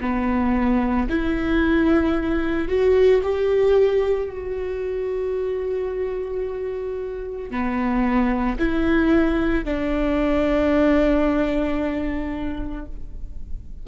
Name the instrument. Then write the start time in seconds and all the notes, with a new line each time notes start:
viola
0.00 B3
1.09 E4
2.68 F#4
3.22 G4
4.29 F#4
7.50 B3
8.59 E4
9.64 D4